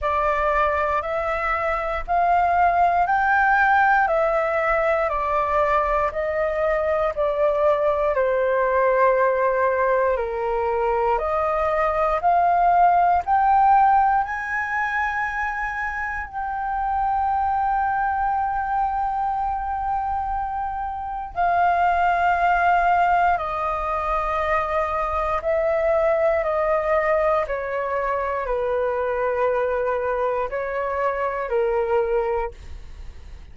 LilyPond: \new Staff \with { instrumentName = "flute" } { \time 4/4 \tempo 4 = 59 d''4 e''4 f''4 g''4 | e''4 d''4 dis''4 d''4 | c''2 ais'4 dis''4 | f''4 g''4 gis''2 |
g''1~ | g''4 f''2 dis''4~ | dis''4 e''4 dis''4 cis''4 | b'2 cis''4 ais'4 | }